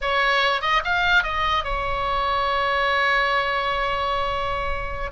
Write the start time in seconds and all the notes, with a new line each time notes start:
0.01 C#5
0.61 D#5
0.84 F5
1.23 D#5
1.64 C#5